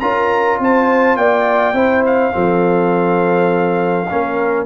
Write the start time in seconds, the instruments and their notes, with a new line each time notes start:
0.00 tuba C#4, trombone F4, horn A#4, trumpet A#5
0.59 tuba C4, horn C5, trumpet A5
1.15 tuba A#3, horn D5, trumpet G5
1.72 tuba C4, trombone E4, horn C5
2.05 trumpet F5
2.31 tuba F3, trombone C4, horn A4
4.10 tuba A#3, trombone C#4, horn A#4